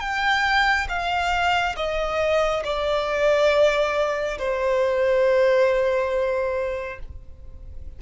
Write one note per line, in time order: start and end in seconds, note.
0.00 0.87 G5
0.89 1.75 F5
1.76 2.63 D#5
2.64 4.38 D5
4.38 6.99 C5